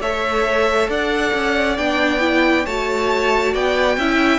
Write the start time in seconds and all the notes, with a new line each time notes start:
0.00 A3 A4 C#5 E5
0.89 D4 D5 F#5
1.34 C#4
1.78 B3 D4 G5
2.20 E4
2.66 A3 F#4 C#5 A5
3.53 B3 D5 G5
3.98 C#4 E4 E5